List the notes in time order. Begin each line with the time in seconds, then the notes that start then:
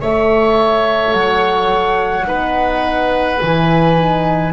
0.00 A3 A4 C#5 E5
1.13 F#3 F#5
2.24 B3 D#4 B4
3.41 E3 E4 G#5
3.96 D#4